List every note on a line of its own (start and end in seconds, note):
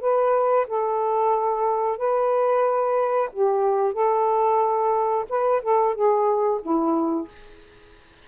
0.00 0.66 B4
0.67 1.97 A4
1.97 3.29 B4
3.32 3.93 G4
3.93 5.25 A4
5.29 5.62 B4
5.62 5.94 A4
5.94 6.60 G#4
6.61 7.27 E4